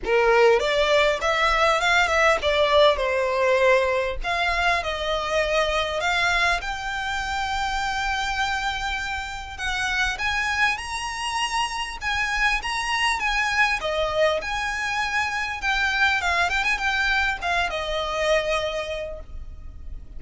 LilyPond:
\new Staff \with { instrumentName = "violin" } { \time 4/4 \tempo 4 = 100 ais'4 d''4 e''4 f''8 e''8 | d''4 c''2 f''4 | dis''2 f''4 g''4~ | g''1 |
fis''4 gis''4 ais''2 | gis''4 ais''4 gis''4 dis''4 | gis''2 g''4 f''8 g''16 gis''16 | g''4 f''8 dis''2~ dis''8 | }